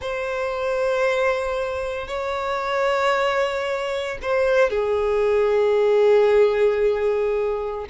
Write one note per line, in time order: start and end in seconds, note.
0.01 2.07 C5
2.07 4.17 C#5
4.22 4.70 C5
4.70 7.86 G#4